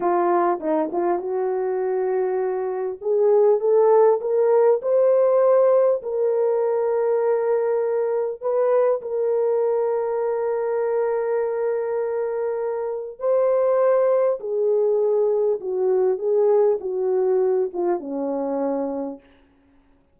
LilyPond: \new Staff \with { instrumentName = "horn" } { \time 4/4 \tempo 4 = 100 f'4 dis'8 f'8 fis'2~ | fis'4 gis'4 a'4 ais'4 | c''2 ais'2~ | ais'2 b'4 ais'4~ |
ais'1~ | ais'2 c''2 | gis'2 fis'4 gis'4 | fis'4. f'8 cis'2 | }